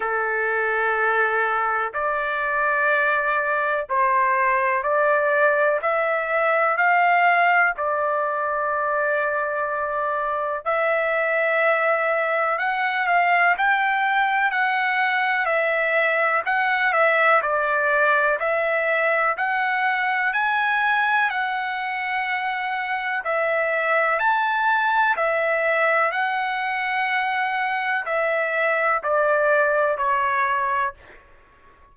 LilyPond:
\new Staff \with { instrumentName = "trumpet" } { \time 4/4 \tempo 4 = 62 a'2 d''2 | c''4 d''4 e''4 f''4 | d''2. e''4~ | e''4 fis''8 f''8 g''4 fis''4 |
e''4 fis''8 e''8 d''4 e''4 | fis''4 gis''4 fis''2 | e''4 a''4 e''4 fis''4~ | fis''4 e''4 d''4 cis''4 | }